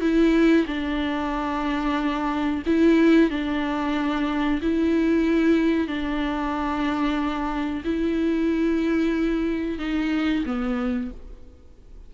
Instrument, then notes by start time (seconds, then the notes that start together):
viola
0.00 E4
0.67 D4
2.66 E4
3.30 D4
4.62 E4
5.87 D4
7.84 E4
9.78 D#4
10.45 B3